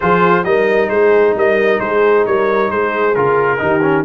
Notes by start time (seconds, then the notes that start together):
0.00 F3 F4 G#4 C5
0.44 G3 D#4 A#4 D#5
0.89 G#3 G#4 C5
1.35 G3 A#4 D#5
1.80 G#3 G#4 C5
2.26 G3 A#4 C#5
2.70 G#3 G#4 C5
3.14 C#3 F4 A#4
3.57 D#3 D#4 G4
3.82 C#4